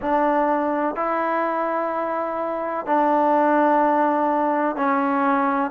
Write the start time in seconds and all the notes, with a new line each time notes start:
0.01 D4
0.95 E4
2.86 D4
4.76 C#4